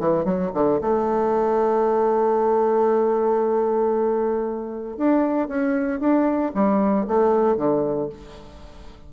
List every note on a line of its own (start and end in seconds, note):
0.00 0.25 E3
0.25 0.51 F#3
0.54 0.80 D3
0.81 4.98 A3
4.98 5.48 D4
5.48 6.00 C#4
6.00 6.52 D4
6.55 7.07 G3
7.08 7.57 A3
7.57 8.09 D3